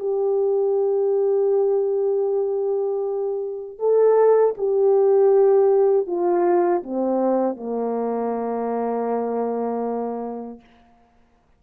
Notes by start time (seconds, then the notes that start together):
0.00 G4
3.79 A4
4.58 G4
6.07 F4
6.84 C4
7.57 A#3